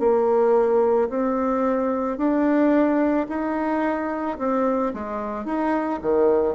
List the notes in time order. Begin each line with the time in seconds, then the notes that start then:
0.00 A#3
1.10 C4
2.18 D4
3.29 D#4
4.39 C4
4.94 G#3
5.45 D#4
6.02 D#3